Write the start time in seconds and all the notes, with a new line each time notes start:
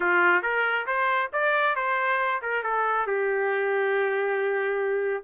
0.00 F4
0.42 A#4
0.86 C5
1.33 D5
1.75 C5
2.41 A#4
2.63 A4
3.07 G4